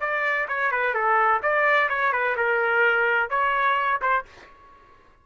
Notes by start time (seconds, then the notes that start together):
0.00 D5
0.48 C#5
0.72 B4
0.94 A4
1.43 D5
1.89 C#5
2.13 B4
2.36 A#4
3.30 C#5
4.01 C5